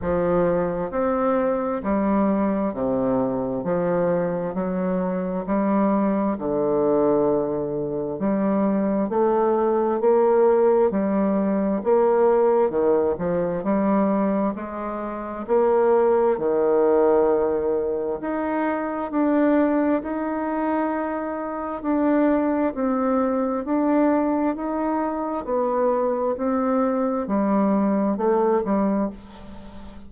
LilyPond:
\new Staff \with { instrumentName = "bassoon" } { \time 4/4 \tempo 4 = 66 f4 c'4 g4 c4 | f4 fis4 g4 d4~ | d4 g4 a4 ais4 | g4 ais4 dis8 f8 g4 |
gis4 ais4 dis2 | dis'4 d'4 dis'2 | d'4 c'4 d'4 dis'4 | b4 c'4 g4 a8 g8 | }